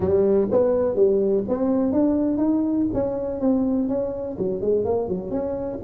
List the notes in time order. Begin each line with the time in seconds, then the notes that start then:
0.00 G3
0.51 B3
0.95 G3
1.48 C4
1.92 D4
2.37 D#4
2.93 C#4
3.40 C4
3.88 C#4
4.38 F#3
4.61 G#3
4.84 A#3
5.08 F#3
5.30 C#4